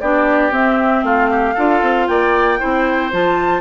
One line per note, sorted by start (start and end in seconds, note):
0.00 0.52 B3
0.00 0.51 D4
0.00 1.05 G4
0.00 0.52 D5
0.51 1.55 C4
0.51 1.03 C4
0.51 1.04 E5
1.03 1.55 A3
1.03 1.30 F4
1.03 2.07 F5
1.30 1.54 G4
1.54 1.82 D4
1.54 2.59 F4
1.54 2.06 A4
1.82 2.08 C4
2.07 2.60 A#3
2.07 2.60 D5
2.07 3.11 G5
2.59 3.13 C4
2.59 3.11 E4
2.59 3.61 C5
3.12 3.61 F3
3.12 3.61 F4
3.12 3.61 A5